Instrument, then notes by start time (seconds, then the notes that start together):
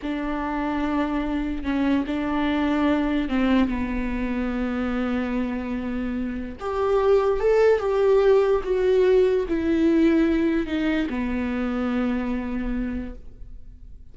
viola
0.02 D4
1.63 C#4
2.06 D4
3.29 C4
3.68 B3
6.60 G4
7.40 A4
7.79 G4
8.63 F#4
9.48 E4
10.66 D#4
11.09 B3